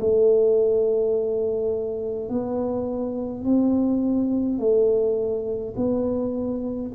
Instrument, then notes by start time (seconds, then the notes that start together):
tuba
0.00 A3
2.29 B3
3.45 C4
4.59 A3
5.76 B3